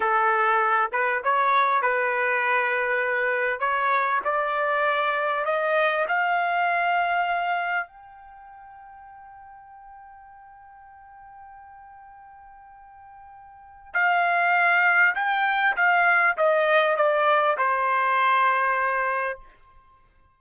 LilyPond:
\new Staff \with { instrumentName = "trumpet" } { \time 4/4 \tempo 4 = 99 a'4. b'8 cis''4 b'4~ | b'2 cis''4 d''4~ | d''4 dis''4 f''2~ | f''4 g''2.~ |
g''1~ | g''2. f''4~ | f''4 g''4 f''4 dis''4 | d''4 c''2. | }